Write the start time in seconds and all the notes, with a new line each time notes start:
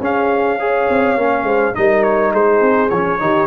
0.00 C#4 G#4 F5
0.59 G#4 C#5
0.89 C4
1.17 A#3 C#4
1.43 G#3 C5
1.74 G3 D#4 A#4 D#5
2.03 C#5
2.32 G#3 G#4 C5
2.61 C4
2.89 F3 C#4 C#5
3.19 D#3 D#4 G4